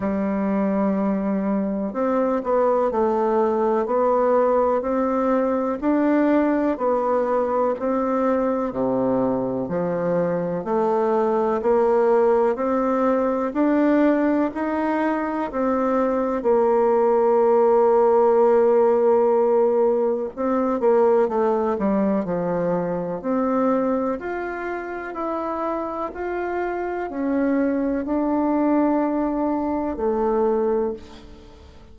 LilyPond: \new Staff \with { instrumentName = "bassoon" } { \time 4/4 \tempo 4 = 62 g2 c'8 b8 a4 | b4 c'4 d'4 b4 | c'4 c4 f4 a4 | ais4 c'4 d'4 dis'4 |
c'4 ais2.~ | ais4 c'8 ais8 a8 g8 f4 | c'4 f'4 e'4 f'4 | cis'4 d'2 a4 | }